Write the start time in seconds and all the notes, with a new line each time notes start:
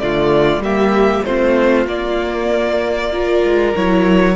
0.00 D3 A3 F4 D5
0.59 G3 A#3 G4 E5
1.25 A3 C4 F4 C5
1.87 A#3 D5
3.13 F4 A#4
3.43 G#3
3.76 F#3 E4 C#5